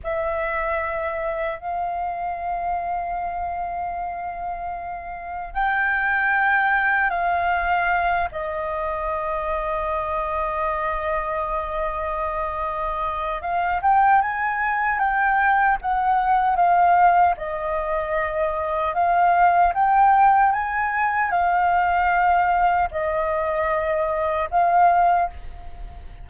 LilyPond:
\new Staff \with { instrumentName = "flute" } { \time 4/4 \tempo 4 = 76 e''2 f''2~ | f''2. g''4~ | g''4 f''4. dis''4.~ | dis''1~ |
dis''4 f''8 g''8 gis''4 g''4 | fis''4 f''4 dis''2 | f''4 g''4 gis''4 f''4~ | f''4 dis''2 f''4 | }